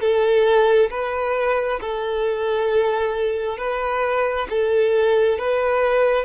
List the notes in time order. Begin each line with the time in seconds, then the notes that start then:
0.00 A4
0.90 B4
1.80 A4
3.57 B4
4.49 A4
5.38 B4